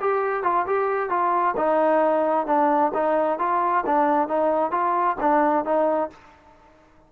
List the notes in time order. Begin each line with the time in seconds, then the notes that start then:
0.00 G4
0.43 F4
0.66 G4
1.09 F4
1.56 D#4
2.46 D4
2.94 D#4
3.38 F4
3.86 D4
4.28 D#4
4.71 F4
5.20 D4
5.64 D#4